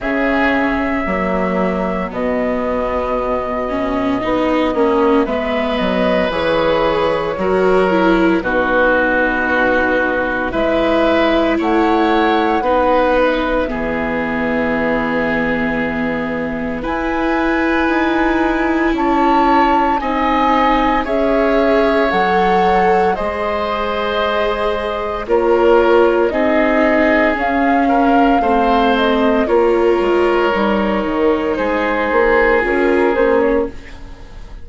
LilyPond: <<
  \new Staff \with { instrumentName = "flute" } { \time 4/4 \tempo 4 = 57 e''2 dis''2~ | dis''4 e''8 dis''8 cis''2 | b'2 e''4 fis''4~ | fis''8 e''2.~ e''8 |
gis''2 a''4 gis''4 | e''4 fis''4 dis''2 | cis''4 dis''4 f''4. dis''8 | cis''2 c''4 ais'8 c''16 cis''16 | }
  \new Staff \with { instrumentName = "oboe" } { \time 4/4 gis'4 fis'2.~ | fis'4 b'2 ais'4 | fis'2 b'4 cis''4 | b'4 gis'2. |
b'2 cis''4 dis''4 | cis''2 c''2 | ais'4 gis'4. ais'8 c''4 | ais'2 gis'2 | }
  \new Staff \with { instrumentName = "viola" } { \time 4/4 cis'4 ais4 b4. cis'8 | dis'8 cis'8 b4 gis'4 fis'8 e'8 | dis'2 e'2 | dis'4 b2. |
e'2. dis'4 | gis'4 a'4 gis'2 | f'4 dis'4 cis'4 c'4 | f'4 dis'2 f'8 cis'8 | }
  \new Staff \with { instrumentName = "bassoon" } { \time 4/4 cis4 fis4 b,2 | b8 ais8 gis8 fis8 e4 fis4 | b,2 gis4 a4 | b4 e2. |
e'4 dis'4 cis'4 c'4 | cis'4 fis4 gis2 | ais4 c'4 cis'4 a4 | ais8 gis8 g8 dis8 gis8 ais8 cis'8 ais8 | }
>>